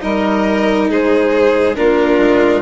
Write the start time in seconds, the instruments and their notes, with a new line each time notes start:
0.00 bassoon G3, cello D#4, violin A#4 D#5
0.90 bassoon G#3, violin G#4 C5
1.75 bassoon A#3, cello D4, violin F4 A#4
2.18 bassoon G#3